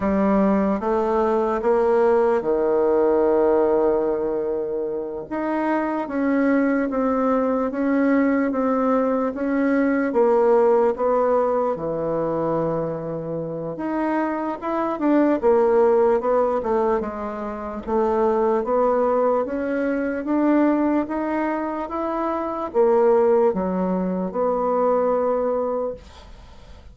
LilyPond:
\new Staff \with { instrumentName = "bassoon" } { \time 4/4 \tempo 4 = 74 g4 a4 ais4 dis4~ | dis2~ dis8 dis'4 cis'8~ | cis'8 c'4 cis'4 c'4 cis'8~ | cis'8 ais4 b4 e4.~ |
e4 dis'4 e'8 d'8 ais4 | b8 a8 gis4 a4 b4 | cis'4 d'4 dis'4 e'4 | ais4 fis4 b2 | }